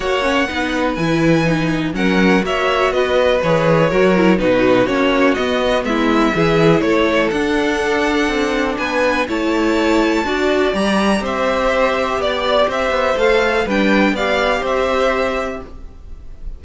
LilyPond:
<<
  \new Staff \with { instrumentName = "violin" } { \time 4/4 \tempo 4 = 123 fis''2 gis''2 | fis''4 e''4 dis''4 cis''4~ | cis''4 b'4 cis''4 dis''4 | e''2 cis''4 fis''4~ |
fis''2 gis''4 a''4~ | a''2 ais''4 e''4~ | e''4 d''4 e''4 f''4 | g''4 f''4 e''2 | }
  \new Staff \with { instrumentName = "violin" } { \time 4/4 cis''4 b'2. | ais'4 cis''4 b'2 | ais'4 fis'2. | e'4 gis'4 a'2~ |
a'2 b'4 cis''4~ | cis''4 d''2 c''4~ | c''4 d''4 c''2 | b'4 d''4 c''2 | }
  \new Staff \with { instrumentName = "viola" } { \time 4/4 fis'8 cis'8 dis'4 e'4 dis'4 | cis'4 fis'2 gis'4 | fis'8 e'8 dis'4 cis'4 b4~ | b4 e'2 d'4~ |
d'2. e'4~ | e'4 fis'4 g'2~ | g'2. a'4 | d'4 g'2. | }
  \new Staff \with { instrumentName = "cello" } { \time 4/4 ais4 b4 e2 | fis4 ais4 b4 e4 | fis4 b,4 ais4 b4 | gis4 e4 a4 d'4~ |
d'4 c'4 b4 a4~ | a4 d'4 g4 c'4~ | c'4 b4 c'8 b8 a4 | g4 b4 c'2 | }
>>